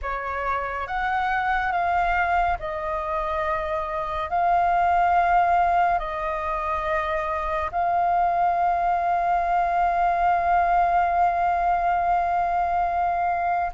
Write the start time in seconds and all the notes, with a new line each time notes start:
0.02 C#5
0.87 F#5
1.71 F5
2.59 D#5
4.29 F5
5.98 D#5
7.71 F5